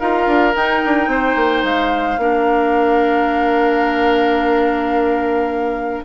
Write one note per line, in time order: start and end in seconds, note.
0.00 0.27 D#4
0.00 0.53 F4
0.00 1.10 A#4
0.00 0.55 F5
0.27 0.55 D4
0.53 2.19 D#4
0.53 0.83 D#4
0.53 1.65 G5
0.85 1.08 D4
1.08 1.35 C4
1.08 2.21 C5
1.36 1.63 A#3
1.64 2.18 G#3
1.64 6.05 F5
2.18 6.03 A#3
2.18 6.05 D4
2.18 6.05 A#4